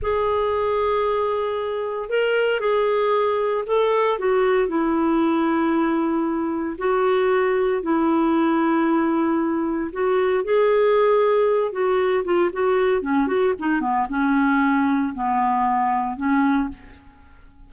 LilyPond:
\new Staff \with { instrumentName = "clarinet" } { \time 4/4 \tempo 4 = 115 gis'1 | ais'4 gis'2 a'4 | fis'4 e'2.~ | e'4 fis'2 e'4~ |
e'2. fis'4 | gis'2~ gis'8 fis'4 f'8 | fis'4 cis'8 fis'8 dis'8 b8 cis'4~ | cis'4 b2 cis'4 | }